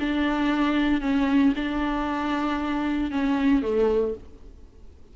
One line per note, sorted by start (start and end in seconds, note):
0.00 1.02 D4
1.02 1.54 C#4
1.56 3.11 D4
3.11 3.62 C#4
3.62 4.15 A3